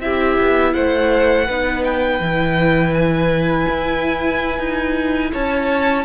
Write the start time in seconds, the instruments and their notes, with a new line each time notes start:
0.00 cello C4, viola E4, violin G4 E5
0.41 cello B3
0.73 cello A3, violin C5 F#5
1.46 cello B3, viola D#4, violin B4
1.84 violin G5
2.20 cello E3, viola E4
2.93 violin G#5
3.68 cello E4
4.59 cello D#4
5.32 cello C#4, violin C#5 A5